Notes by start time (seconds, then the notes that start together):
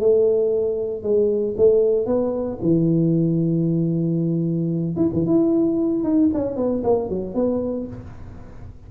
0.00 A3
1.03 G#3
1.57 A3
2.06 B3
2.62 E3
4.97 E4
5.14 E3
5.27 E4
6.04 D#4
6.34 C#4
6.57 B3
6.84 A#3
7.09 F#3
7.35 B3